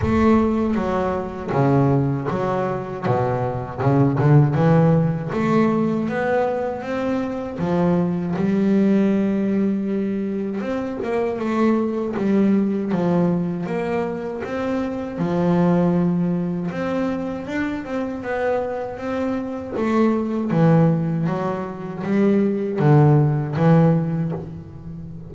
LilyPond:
\new Staff \with { instrumentName = "double bass" } { \time 4/4 \tempo 4 = 79 a4 fis4 cis4 fis4 | b,4 cis8 d8 e4 a4 | b4 c'4 f4 g4~ | g2 c'8 ais8 a4 |
g4 f4 ais4 c'4 | f2 c'4 d'8 c'8 | b4 c'4 a4 e4 | fis4 g4 d4 e4 | }